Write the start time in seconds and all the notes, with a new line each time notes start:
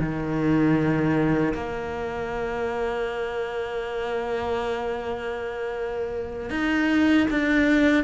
0.00 D#3
1.55 A#3
6.51 D#4
7.31 D4